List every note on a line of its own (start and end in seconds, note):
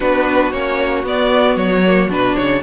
0.00 0.52 B3
0.00 0.53 D4
0.00 2.62 F#4
0.00 0.51 B4
0.51 1.03 A#3
0.51 1.05 C#4
0.51 1.04 C#5
1.03 1.55 B3
1.03 1.85 B3
1.03 1.56 D5
1.55 2.08 F#3
1.55 2.09 C#5
1.86 2.09 A#3
2.09 2.36 B2
2.09 2.62 D4
2.09 2.35 B4
2.35 2.62 C#3
2.35 2.62 C#5